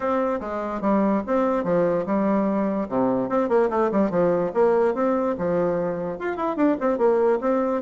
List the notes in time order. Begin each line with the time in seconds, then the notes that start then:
0.00 C4
0.40 G#3
0.81 G3
1.26 C4
1.63 F3
2.05 G3
2.89 C3
3.29 C4
3.48 A#3
3.70 A3
3.91 G3
4.10 F3
4.54 A#3
4.94 C4
5.38 F3
6.18 F4
6.36 E4
6.56 D4
6.80 C4
6.98 A#3
7.40 C4